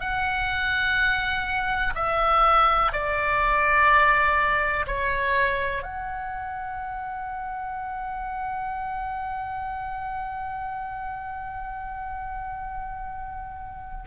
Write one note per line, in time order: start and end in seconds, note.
0.00 1.94 F#5
1.95 2.92 E5
2.93 4.86 D5
4.87 5.82 C#5
5.82 14.05 F#5